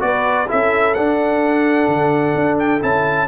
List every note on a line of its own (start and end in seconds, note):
0.00 0.49 B3
0.00 0.47 F#4
0.00 0.49 B4
0.00 0.48 D5
0.48 0.98 C#4
0.48 0.95 E4
0.48 3.28 A4
0.48 0.94 E5
0.94 2.81 D4
0.94 1.88 D4
0.94 2.58 F#5
1.88 2.35 D3
2.35 2.82 D4
2.59 2.83 G5
2.81 3.28 C#4
2.81 3.28 E4
2.81 3.28 A5